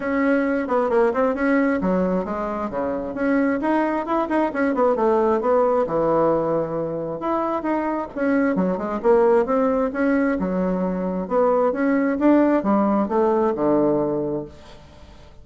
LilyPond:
\new Staff \with { instrumentName = "bassoon" } { \time 4/4 \tempo 4 = 133 cis'4. b8 ais8 c'8 cis'4 | fis4 gis4 cis4 cis'4 | dis'4 e'8 dis'8 cis'8 b8 a4 | b4 e2. |
e'4 dis'4 cis'4 fis8 gis8 | ais4 c'4 cis'4 fis4~ | fis4 b4 cis'4 d'4 | g4 a4 d2 | }